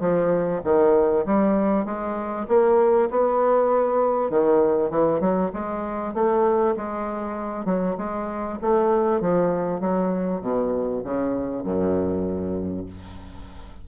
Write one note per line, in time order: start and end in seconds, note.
0.00 0.61 F3
0.64 1.25 D#3
1.26 1.85 G3
1.85 2.47 G#3
2.48 3.09 A#3
3.11 4.30 B3
4.30 4.90 D#3
4.90 5.20 E3
5.20 5.51 F#3
5.53 6.14 G#3
6.14 6.75 A3
6.76 7.65 G#3
7.65 7.96 F#3
7.98 8.59 G#3
8.62 9.21 A3
9.21 9.80 F3
9.80 10.41 F#3
10.41 11.02 B2
11.04 11.64 C#3
11.64 12.86 F#2